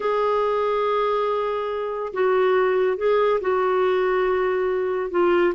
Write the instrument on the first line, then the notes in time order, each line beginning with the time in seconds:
clarinet
0.00 G#4
2.13 F#4
2.97 G#4
3.40 F#4
5.10 F4